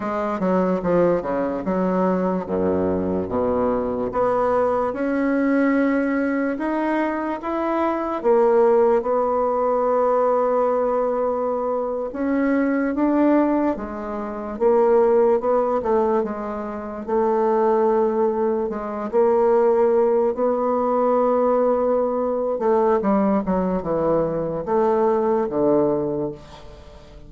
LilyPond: \new Staff \with { instrumentName = "bassoon" } { \time 4/4 \tempo 4 = 73 gis8 fis8 f8 cis8 fis4 fis,4 | b,4 b4 cis'2 | dis'4 e'4 ais4 b4~ | b2~ b8. cis'4 d'16~ |
d'8. gis4 ais4 b8 a8 gis16~ | gis8. a2 gis8 ais8.~ | ais8. b2~ b8. a8 | g8 fis8 e4 a4 d4 | }